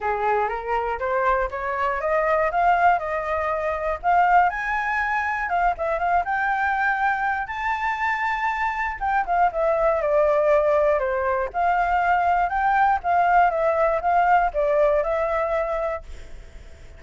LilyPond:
\new Staff \with { instrumentName = "flute" } { \time 4/4 \tempo 4 = 120 gis'4 ais'4 c''4 cis''4 | dis''4 f''4 dis''2 | f''4 gis''2 f''8 e''8 | f''8 g''2~ g''8 a''4~ |
a''2 g''8 f''8 e''4 | d''2 c''4 f''4~ | f''4 g''4 f''4 e''4 | f''4 d''4 e''2 | }